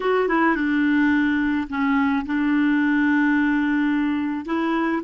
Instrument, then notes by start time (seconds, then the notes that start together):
clarinet
0.00 F#4
0.28 E4
0.55 D4
1.69 C#4
2.25 D4
4.45 E4